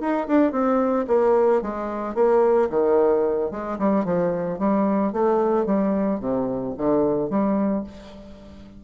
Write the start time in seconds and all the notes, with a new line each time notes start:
0.00 D#4
0.27 D4
0.52 C4
1.07 A#3
1.62 G#3
2.15 A#3
2.70 D#3
3.51 G#3
3.79 G3
4.04 F3
4.59 G3
5.13 A3
5.66 G3
6.20 C3
6.77 D3
7.30 G3